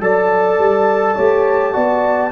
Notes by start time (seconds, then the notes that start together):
0.00 F#3 A4 D5 A5
0.58 G3
1.15 A3 G4 C#5
1.73 B3 F#4 D5